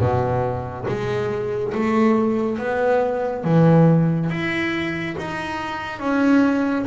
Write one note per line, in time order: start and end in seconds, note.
0.00 0.86 B2
0.88 1.74 G#3
1.74 2.59 A3
2.59 3.44 B3
3.45 4.30 E3
4.30 5.16 E4
5.19 6.00 D#4
6.00 6.86 C#4